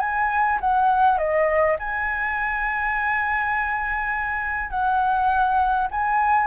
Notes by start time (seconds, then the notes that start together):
0.00 G#5
0.60 F#5
1.18 D#5
1.79 G#5
4.70 F#5
5.91 G#5